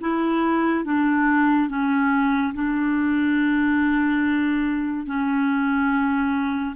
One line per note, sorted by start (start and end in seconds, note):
0.00 0.84 E4
0.84 1.69 D4
1.69 2.53 C#4
2.54 5.06 D4
5.06 6.75 C#4